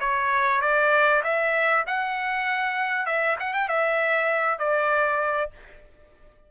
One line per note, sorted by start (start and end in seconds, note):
0.00 0.61 C#5
0.61 1.22 D5
1.24 1.85 E5
1.87 3.06 F#5
3.06 3.36 E5
3.40 3.54 F#5
3.54 3.68 G5
3.68 4.59 E5
4.59 5.51 D5